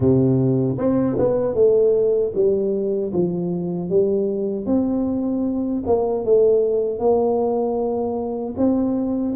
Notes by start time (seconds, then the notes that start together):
0.00 C3
0.78 C4
1.18 B3
1.54 A3
2.34 G3
3.12 F3
3.89 G3
4.66 C4
5.86 A#3
6.24 A3
6.99 A#3
8.57 C4